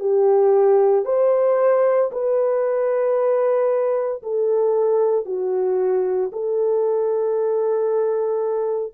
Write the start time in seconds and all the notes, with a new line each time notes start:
0.00 G4
1.05 C5
2.12 B4
4.23 A4
5.26 F#4
6.33 A4